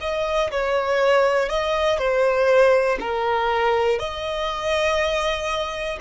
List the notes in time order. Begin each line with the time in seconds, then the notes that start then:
0.00 D#5
0.50 C#5
1.49 D#5
1.98 C5
3.00 A#4
3.99 D#5